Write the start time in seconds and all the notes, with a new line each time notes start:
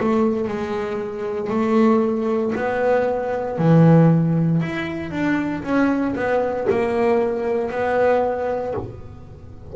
0.00 A3
0.48 G#3
1.50 A3
2.55 B3
3.58 E3
4.62 E4
5.11 D4
5.63 C#4
6.16 B3
6.70 A#3
7.71 B3